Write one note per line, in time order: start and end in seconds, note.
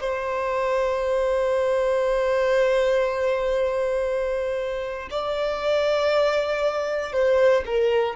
0.00 5.08 C5
5.10 7.12 D5
7.12 7.63 C5
7.65 8.15 A#4